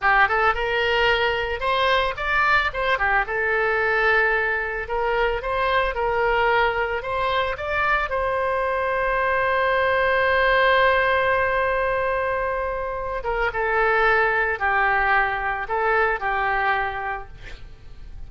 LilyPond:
\new Staff \with { instrumentName = "oboe" } { \time 4/4 \tempo 4 = 111 g'8 a'8 ais'2 c''4 | d''4 c''8 g'8 a'2~ | a'4 ais'4 c''4 ais'4~ | ais'4 c''4 d''4 c''4~ |
c''1~ | c''1~ | c''8 ais'8 a'2 g'4~ | g'4 a'4 g'2 | }